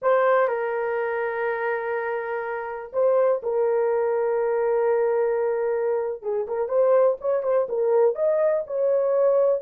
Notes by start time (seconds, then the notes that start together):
0.01 C5
0.48 A#4
2.93 C5
3.43 A#4
6.22 G#4
6.47 A#4
6.68 C5
7.20 C#5
7.42 C5
7.69 A#4
8.15 D#5
8.67 C#5